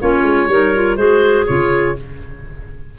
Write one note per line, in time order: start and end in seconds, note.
0.00 0.22 A#3
0.00 0.49 C#4
0.00 0.49 F4
0.00 0.97 C#5
0.22 0.47 G#3
0.48 0.97 G3
0.48 0.75 D#4
0.48 0.98 A#4
0.75 0.97 F4
0.97 1.46 G#3
0.97 1.46 F#4
0.97 1.96 G#4
0.97 1.46 C5
1.46 1.98 C#3
1.46 1.96 F4
1.46 1.96 C#5